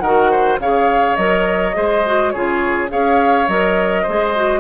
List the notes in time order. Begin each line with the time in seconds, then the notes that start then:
0.00 D#3 F#4 A#4 F#5
0.31 C5
0.60 C#3 G#4 C#5 F5
1.16 F#3 A#4 D#5
1.74 G#3 G#4 C5
2.06 F#4
2.31 C#3 F4 G#4 C#5
2.89 C#4 G#4 C#5 F5
3.48 F#3 A#4 D#5
4.03 G#4 C5
4.09 G#3
4.36 F#4